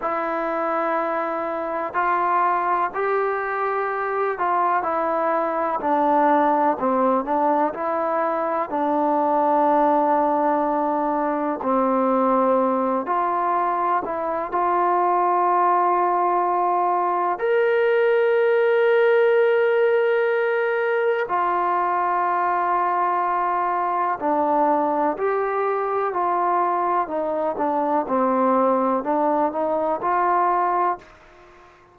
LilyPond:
\new Staff \with { instrumentName = "trombone" } { \time 4/4 \tempo 4 = 62 e'2 f'4 g'4~ | g'8 f'8 e'4 d'4 c'8 d'8 | e'4 d'2. | c'4. f'4 e'8 f'4~ |
f'2 ais'2~ | ais'2 f'2~ | f'4 d'4 g'4 f'4 | dis'8 d'8 c'4 d'8 dis'8 f'4 | }